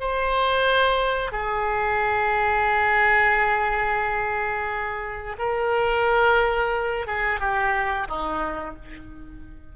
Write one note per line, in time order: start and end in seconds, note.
0.00 1.32 C5
1.32 5.37 G#4
5.38 7.07 A#4
7.07 7.40 G#4
7.40 8.07 G4
8.08 8.75 D#4